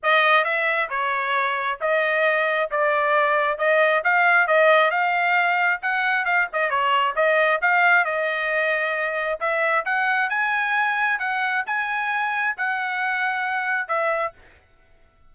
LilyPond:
\new Staff \with { instrumentName = "trumpet" } { \time 4/4 \tempo 4 = 134 dis''4 e''4 cis''2 | dis''2 d''2 | dis''4 f''4 dis''4 f''4~ | f''4 fis''4 f''8 dis''8 cis''4 |
dis''4 f''4 dis''2~ | dis''4 e''4 fis''4 gis''4~ | gis''4 fis''4 gis''2 | fis''2. e''4 | }